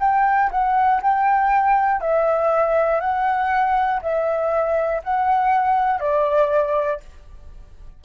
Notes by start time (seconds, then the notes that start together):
0.00 G5
0.51 F#5
1.02 G5
2.00 E5
3.00 F#5
4.02 E5
5.03 F#5
6.00 D5